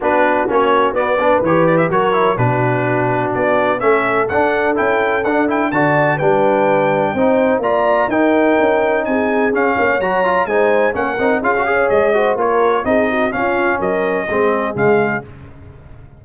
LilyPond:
<<
  \new Staff \with { instrumentName = "trumpet" } { \time 4/4 \tempo 4 = 126 b'4 cis''4 d''4 cis''8 d''16 e''16 | cis''4 b'2 d''4 | e''4 fis''4 g''4 fis''8 g''8 | a''4 g''2. |
ais''4 g''2 gis''4 | f''4 ais''4 gis''4 fis''4 | f''4 dis''4 cis''4 dis''4 | f''4 dis''2 f''4 | }
  \new Staff \with { instrumentName = "horn" } { \time 4/4 fis'2~ fis'8 b'4. | ais'4 fis'2. | a'1 | d''4 b'2 c''4 |
d''4 ais'2 gis'4~ | gis'8 cis''4. c''4 ais'4 | gis'8 cis''4 c''8 ais'4 gis'8 fis'8 | f'4 ais'4 gis'2 | }
  \new Staff \with { instrumentName = "trombone" } { \time 4/4 d'4 cis'4 b8 d'8 g'4 | fis'8 e'8 d'2. | cis'4 d'4 e'4 d'8 e'8 | fis'4 d'2 dis'4 |
f'4 dis'2. | cis'4 fis'8 f'8 dis'4 cis'8 dis'8 | f'16 fis'16 gis'4 fis'8 f'4 dis'4 | cis'2 c'4 gis4 | }
  \new Staff \with { instrumentName = "tuba" } { \time 4/4 b4 ais4 b4 e4 | fis4 b,2 b4 | a4 d'4 cis'4 d'4 | d4 g2 c'4 |
ais4 dis'4 cis'4 c'4 | cis'8 ais8 fis4 gis4 ais8 c'8 | cis'4 gis4 ais4 c'4 | cis'4 fis4 gis4 cis4 | }
>>